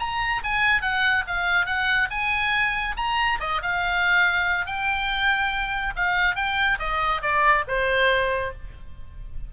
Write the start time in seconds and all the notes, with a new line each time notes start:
0.00 A#5
0.44 G#5
0.82 F#5
1.28 F5
1.66 F#5
2.11 G#5
2.97 A#5
3.41 D#5
3.62 F5
4.66 G5
5.97 F5
6.36 G5
6.79 D#5
7.22 D5
7.68 C5